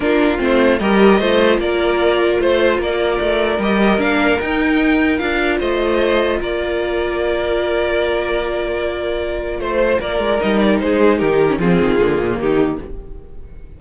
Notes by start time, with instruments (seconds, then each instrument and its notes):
0.00 cello A#3, viola D4, violin F4 A#4
0.37 cello A3, viola C4
0.44 violin C5
0.79 cello G3, viola G4, violin A#4 D#5
1.19 cello A3, viola F4, violin C5
1.58 cello A#3, violin A#4 D5
2.40 cello A3, violin C5
2.78 cello A#3, violin A#4 D5
3.20 cello A3
3.58 cello G3, viola G4, violin D#5
3.98 cello A#3, viola D4, violin F5
4.40 cello D#4, viola D#4, violin G5
5.18 cello D4, viola F4, violin F5
5.59 cello A3, violin C5 D#5
6.40 cello A#3, violin A#4 D5
9.59 cello A3, violin C5
9.99 cello A#3, violin A#4 D5
10.19 cello G#3
10.40 cello G3, viola D#4, violin D#5
10.58 violin D5
10.79 cello G#3, violin G#4 C5
11.17 cello D#3, violin G4 A#4
11.49 viola C#4
11.59 cello F3, viola C4, violin F4 G#4
11.80 cello D#3
12.00 cello D3, viola A#3
12.19 cello A#2
12.37 cello D#3, violin D#4 G4